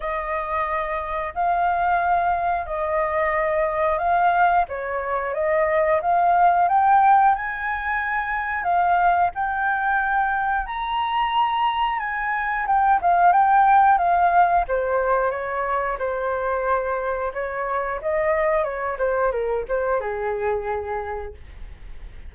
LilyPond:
\new Staff \with { instrumentName = "flute" } { \time 4/4 \tempo 4 = 90 dis''2 f''2 | dis''2 f''4 cis''4 | dis''4 f''4 g''4 gis''4~ | gis''4 f''4 g''2 |
ais''2 gis''4 g''8 f''8 | g''4 f''4 c''4 cis''4 | c''2 cis''4 dis''4 | cis''8 c''8 ais'8 c''8 gis'2 | }